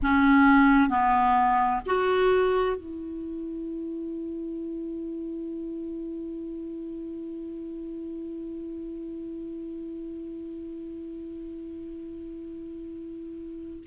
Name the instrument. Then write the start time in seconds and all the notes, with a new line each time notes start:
clarinet
0.02 C#4
0.89 B3
1.86 F#4
2.76 E4